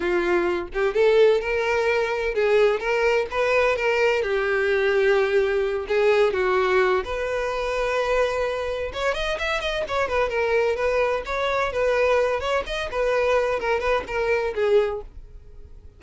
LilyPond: \new Staff \with { instrumentName = "violin" } { \time 4/4 \tempo 4 = 128 f'4. g'8 a'4 ais'4~ | ais'4 gis'4 ais'4 b'4 | ais'4 g'2.~ | g'8 gis'4 fis'4. b'4~ |
b'2. cis''8 dis''8 | e''8 dis''8 cis''8 b'8 ais'4 b'4 | cis''4 b'4. cis''8 dis''8 b'8~ | b'4 ais'8 b'8 ais'4 gis'4 | }